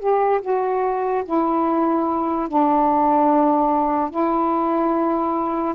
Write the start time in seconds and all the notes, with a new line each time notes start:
0.00 G4
0.42 F#4
1.26 E4
2.49 D4
4.11 E4